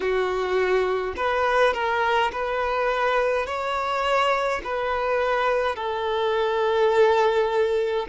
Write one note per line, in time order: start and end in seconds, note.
0.00 1.14 F#4
1.16 1.73 B4
1.73 2.31 A#4
2.31 3.46 B4
3.46 4.62 C#5
4.64 5.75 B4
5.75 8.06 A4